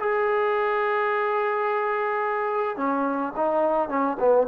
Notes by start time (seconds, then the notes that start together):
0.00 G#4
2.77 C#4
3.37 D#4
3.89 C#4
4.20 B3